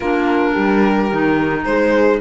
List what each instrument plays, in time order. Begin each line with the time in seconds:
0.00 cello A#3, clarinet D4, horn F4, violin A#4
0.52 cello G3, horn G4
1.11 cello D#3, clarinet D#4
1.64 cello G#3, horn G#4, violin C5